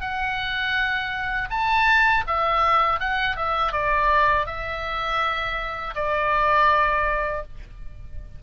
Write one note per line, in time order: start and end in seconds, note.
0.00 1.48 F#5
1.50 2.24 A5
2.27 3.00 E5
3.00 3.36 F#5
3.36 3.72 E5
3.72 4.46 D5
4.46 5.94 E5
5.95 7.43 D5